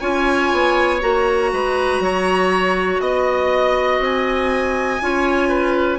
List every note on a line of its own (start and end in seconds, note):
0.00 0.52 C#4
0.00 1.01 F4
0.00 1.51 C#5
0.00 1.00 G#5
0.52 1.02 B3
1.01 1.52 A#3
1.01 5.01 F#4
1.01 3.01 A#5
1.53 2.00 G#3
1.53 2.03 B4
2.00 3.00 F#3
2.00 3.02 C#5
3.01 3.99 B3
3.01 4.01 D#5
3.01 5.02 D#5
3.99 4.99 C4
3.99 5.99 G#5
5.01 5.99 C#4
5.01 5.99 F4
5.01 5.49 C#5
5.49 5.99 B4